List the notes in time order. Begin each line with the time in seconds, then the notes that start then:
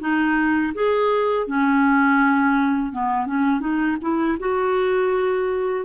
0.00 D#4
0.75 G#4
1.47 C#4
2.92 B3
3.26 C#4
3.61 D#4
4.01 E4
4.40 F#4